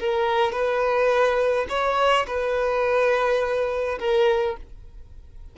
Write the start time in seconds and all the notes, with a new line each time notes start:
0.00 A#4
0.52 B4
1.69 C#5
2.27 B4
4.00 A#4